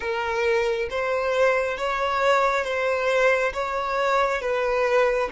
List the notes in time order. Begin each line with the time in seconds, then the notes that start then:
0.00 A#4
0.90 C5
1.77 C#5
2.64 C5
3.53 C#5
4.41 B4